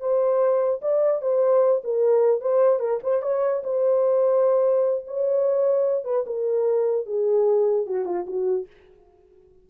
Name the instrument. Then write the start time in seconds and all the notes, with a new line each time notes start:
horn
0.00 C5
0.82 D5
1.22 C5
1.84 A#4
2.41 C5
2.79 A#4
3.03 C5
3.22 C#5
3.64 C5
5.07 C#5
6.04 B4
6.26 A#4
7.06 G#4
7.86 F#4
8.05 F4
8.27 F#4